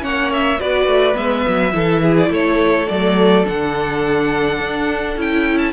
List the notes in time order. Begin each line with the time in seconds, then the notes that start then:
0.00 A#3 C#4 C#5 F#5
0.32 E5
0.59 B3 F#4 B4 D5
0.86 A3
1.13 G#3 B3 E5
1.48 F#3
1.72 E3 E4 A4
2.02 G#4
2.17 D5
2.29 A3 A4 C#5
2.88 F#3 A3 D5
3.44 D3 D4 F#5
4.59 D4
5.16 C#4 E4 G5
5.58 A5